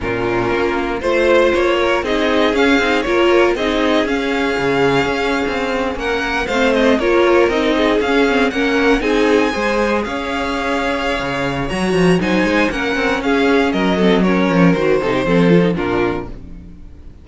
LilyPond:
<<
  \new Staff \with { instrumentName = "violin" } { \time 4/4 \tempo 4 = 118 ais'2 c''4 cis''4 | dis''4 f''4 cis''4 dis''4 | f''2.~ f''8. fis''16~ | fis''8. f''8 dis''8 cis''4 dis''4 f''16~ |
f''8. fis''4 gis''2 f''16~ | f''2. ais''4 | gis''4 fis''4 f''4 dis''4 | cis''4 c''2 ais'4 | }
  \new Staff \with { instrumentName = "violin" } { \time 4/4 f'2 c''4. ais'8 | gis'2 ais'4 gis'4~ | gis'2.~ gis'8. ais'16~ | ais'8. c''4 ais'4. gis'8.~ |
gis'8. ais'4 gis'4 c''4 cis''16~ | cis''1 | c''4 ais'4 gis'4 ais'8 a'8 | ais'4. a'16 g'16 a'4 f'4 | }
  \new Staff \with { instrumentName = "viola" } { \time 4/4 cis'2 f'2 | dis'4 cis'8 dis'8 f'4 dis'4 | cis'1~ | cis'8. c'4 f'4 dis'4 cis'16~ |
cis'16 c'8 cis'4 dis'4 gis'4~ gis'16~ | gis'2. fis'4 | dis'4 cis'2~ cis'8 c'8 | cis'4 fis'8 dis'8 c'8 f'16 dis'16 d'4 | }
  \new Staff \with { instrumentName = "cello" } { \time 4/4 ais,4 ais4 a4 ais4 | c'4 cis'8 c'8 ais4 c'4 | cis'4 cis4 cis'8. c'4 ais16~ | ais8. a4 ais4 c'4 cis'16~ |
cis'8. ais4 c'4 gis4 cis'16~ | cis'2 cis4 fis8 f8 | fis8 gis8 ais8 c'8 cis'4 fis4~ | fis8 f8 dis8 c8 f4 ais,4 | }
>>